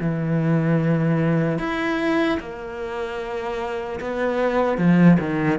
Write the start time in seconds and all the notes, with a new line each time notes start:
0.00 E3
1.59 E4
2.40 A#3
4.00 B3
4.78 F3
5.20 D#3